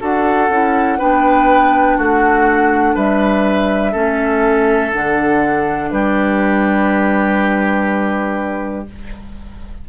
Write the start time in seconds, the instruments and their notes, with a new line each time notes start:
0.00 bassoon D4, clarinet F#4, oboe A4, flute F#5
0.49 bassoon C#4, clarinet E4
0.99 bassoon B3, clarinet D4, oboe B4, flute G5
1.97 bassoon A3, oboe F#4, flute F#5
2.95 bassoon G3, oboe B4, flute E5
3.92 bassoon A3, clarinet C#4, oboe A4
4.93 bassoon D3, clarinet D4, flute F#5
5.91 bassoon G3, oboe G4, flute B4